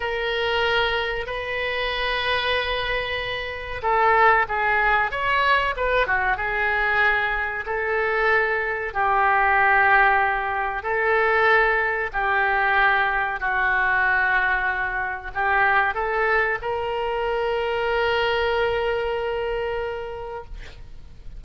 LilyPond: \new Staff \with { instrumentName = "oboe" } { \time 4/4 \tempo 4 = 94 ais'2 b'2~ | b'2 a'4 gis'4 | cis''4 b'8 fis'8 gis'2 | a'2 g'2~ |
g'4 a'2 g'4~ | g'4 fis'2. | g'4 a'4 ais'2~ | ais'1 | }